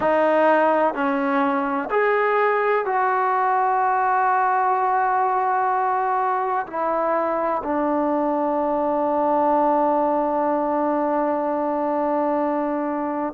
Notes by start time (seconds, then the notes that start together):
0.00 D#4
0.94 C#4
1.90 G#4
2.85 F#4
6.67 E4
7.63 D4